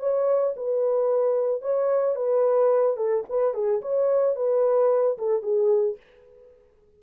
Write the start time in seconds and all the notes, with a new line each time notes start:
0.00 C#5
0.56 B4
1.62 C#5
2.15 B4
2.97 A4
3.29 B4
3.54 G#4
3.82 C#5
4.36 B4
5.18 A4
5.42 G#4